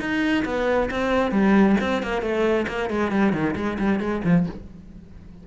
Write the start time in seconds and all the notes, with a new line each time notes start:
0.00 D#4
0.45 B3
0.91 C4
1.32 G3
1.80 C4
2.02 A#3
2.22 A3
2.68 A#3
2.90 G#3
3.11 G3
3.33 D#3
3.56 G#3
3.79 G3
4.00 G#3
4.24 F3